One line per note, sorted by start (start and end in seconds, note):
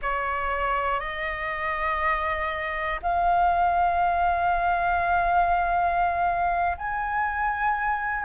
0.01 1.00 C#5
1.00 3.00 D#5
3.02 6.77 F5
6.77 8.24 G#5